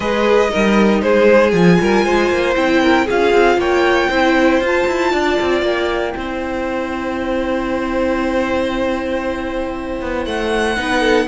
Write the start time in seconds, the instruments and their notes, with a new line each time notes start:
0.00 cello G#3, viola G#4, violin B4 D#5
0.49 cello G3, viola D#4, violin A#4
1.02 cello G#3, violin G#4 C5
1.51 cello F3, viola F4, violin G#5
1.80 cello G3, violin A#4
2.04 cello G#3, violin C5
2.30 cello A#3
2.55 cello C4, viola E4, violin G5
2.82 violin A#4
3.05 cello C#4, viola F4, violin G#4 F5
3.33 cello C4
3.57 cello A#3, violin C#5 G5
4.09 cello C4, viola E4, violin C5
4.60 cello F4, viola F4, violin A5
4.87 cello E4
5.11 cello D4, violin D5
5.41 cello C4
5.62 cello A#3, violin G5
6.12 cello C4, viola E4
6.18 violin C5
10.01 cello B3
10.25 cello A3, violin F#5
10.76 cello B3, viola D#4, violin B4
11.00 violin A4